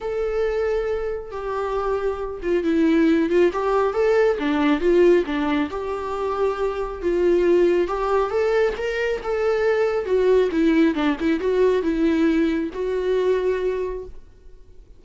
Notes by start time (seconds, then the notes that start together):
0.01 A4
1.31 G4
2.42 F4
2.63 E4
3.29 F4
3.52 G4
3.93 A4
4.39 D4
4.80 F4
5.26 D4
5.70 G4
7.02 F4
7.87 G4
8.30 A4
8.77 A#4
9.23 A4
10.05 F#4
10.51 E4
10.94 D4
11.20 E4
11.40 F#4
11.82 E4
12.73 F#4